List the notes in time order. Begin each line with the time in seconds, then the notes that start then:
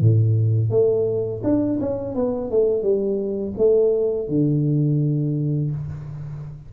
0.00 A2
0.70 A3
1.43 D4
1.80 C#4
2.15 B3
2.51 A3
2.82 G3
3.57 A3
4.28 D3